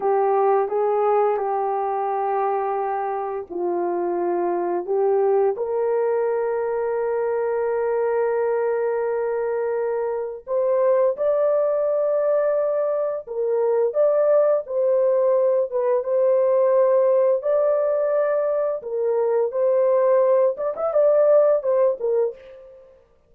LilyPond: \new Staff \with { instrumentName = "horn" } { \time 4/4 \tempo 4 = 86 g'4 gis'4 g'2~ | g'4 f'2 g'4 | ais'1~ | ais'2. c''4 |
d''2. ais'4 | d''4 c''4. b'8 c''4~ | c''4 d''2 ais'4 | c''4. d''16 e''16 d''4 c''8 ais'8 | }